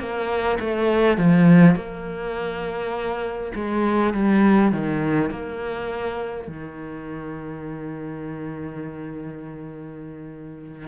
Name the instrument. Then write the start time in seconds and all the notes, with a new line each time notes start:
cello
0.00 A#3
0.60 A3
1.18 F3
1.76 A#3
3.55 G#3
4.14 G3
4.72 D#3
5.30 A#3
6.48 D#3